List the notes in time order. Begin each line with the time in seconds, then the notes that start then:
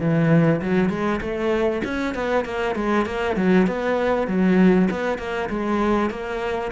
0.00 E3
0.62 F#3
0.90 G#3
1.21 A3
1.84 C#4
2.15 B3
2.45 A#3
2.76 G#3
3.06 A#3
3.36 F#3
3.67 B3
4.27 F#3
4.91 B3
5.18 A#3
5.50 G#3
6.10 A#3